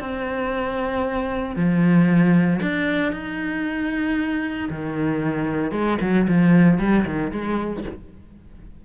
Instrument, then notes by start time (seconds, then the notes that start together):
cello
0.00 C4
1.55 F3
2.61 D4
3.12 D#4
4.69 D#3
5.71 G#3
6.00 F#3
6.28 F3
6.78 G3
7.05 D#3
7.31 G#3